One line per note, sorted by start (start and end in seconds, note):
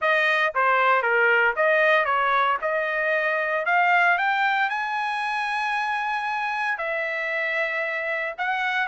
0.01 0.53 D#5
0.55 1.02 C5
1.02 1.54 A#4
1.56 2.05 D#5
2.05 2.57 C#5
2.61 3.65 D#5
3.65 4.17 F5
4.17 4.69 G5
4.69 6.78 G#5
6.78 8.34 E5
8.37 8.87 F#5